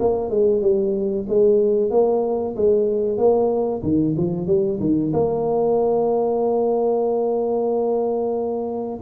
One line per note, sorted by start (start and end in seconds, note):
0.00 0.30 A#3
0.30 0.61 G#3
0.61 1.26 G3
1.28 1.90 G#3
1.90 2.55 A#3
2.56 3.17 G#3
3.17 3.82 A#3
3.83 4.15 D#3
4.17 4.47 F3
4.47 4.79 G3
4.80 5.12 D#3
5.13 9.00 A#3